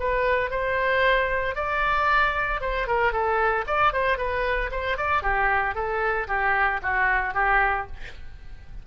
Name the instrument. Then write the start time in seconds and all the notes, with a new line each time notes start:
oboe
0.00 B4
0.51 C5
1.56 D5
2.61 C5
2.88 A#4
3.13 A4
3.67 D5
3.94 C5
4.18 B4
4.72 C5
4.98 D5
5.23 G4
5.75 A4
6.28 G4
6.83 F#4
7.34 G4